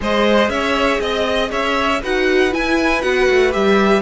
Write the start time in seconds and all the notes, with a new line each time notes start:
0.00 G#3 G#4 C5 D#5
0.48 C#4 C#5 E5
1.00 C4 D#5
1.50 C#4 C#5 E5
2.02 D#4 F#4 B4 F#5
2.52 E4 G#5
3.01 B3 F#4 F#5
3.30 A3
3.52 G3 G4 E5